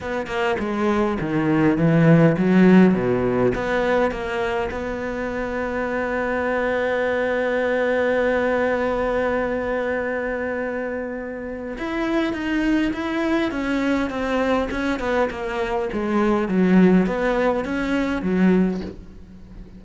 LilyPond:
\new Staff \with { instrumentName = "cello" } { \time 4/4 \tempo 4 = 102 b8 ais8 gis4 dis4 e4 | fis4 b,4 b4 ais4 | b1~ | b1~ |
b1 | e'4 dis'4 e'4 cis'4 | c'4 cis'8 b8 ais4 gis4 | fis4 b4 cis'4 fis4 | }